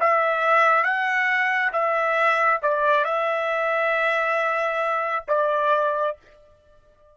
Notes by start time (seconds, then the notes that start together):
0.00 E5
0.84 F#5
1.73 E5
2.62 D5
3.05 E5
5.28 D5